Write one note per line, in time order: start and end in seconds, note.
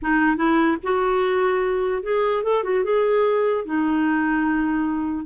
0.02 0.36 D#4
0.36 0.77 E4
0.83 2.02 F#4
2.02 2.43 G#4
2.43 2.63 A4
2.63 2.84 F#4
2.84 3.65 G#4
3.65 5.25 D#4